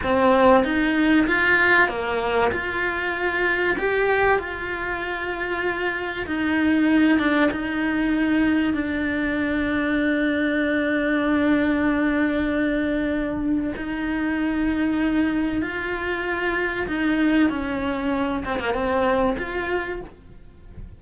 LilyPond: \new Staff \with { instrumentName = "cello" } { \time 4/4 \tempo 4 = 96 c'4 dis'4 f'4 ais4 | f'2 g'4 f'4~ | f'2 dis'4. d'8 | dis'2 d'2~ |
d'1~ | d'2 dis'2~ | dis'4 f'2 dis'4 | cis'4. c'16 ais16 c'4 f'4 | }